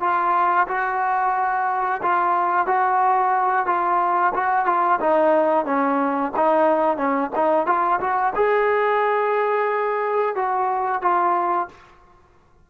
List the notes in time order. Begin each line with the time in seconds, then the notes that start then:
0.00 F4
0.68 F#4
2.02 F4
2.66 F#4
3.66 F4
4.34 F#4
4.65 F4
5.00 D#4
5.65 C#4
6.36 D#4
6.96 C#4
7.35 D#4
7.66 F4
8.00 F#4
8.35 G#4
10.35 F#4
11.02 F4